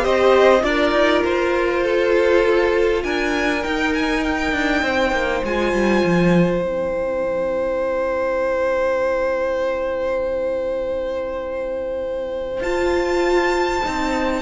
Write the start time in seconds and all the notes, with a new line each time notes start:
0.00 C4 G4 C5 D#5
0.61 D4 F4 A#4 D5
0.92 D#4
1.25 F4 C5
1.84 A4
3.04 D4 A#4 G#5
3.64 D#4 G5
3.95 G#5
4.24 G5
4.53 D4
4.83 C4 C5
5.12 A#3
5.45 G#3 F4 G#5
5.73 G3
6.04 F3
6.61 C4 E4 G5
12.61 F4 A5
13.84 C4 D#4